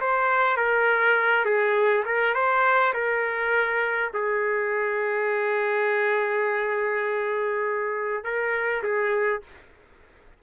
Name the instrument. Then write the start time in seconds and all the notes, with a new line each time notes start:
trumpet
0.00 C5
0.56 A#4
1.45 G#4
2.05 A#4
2.34 C5
2.93 A#4
4.13 G#4
8.24 A#4
8.83 G#4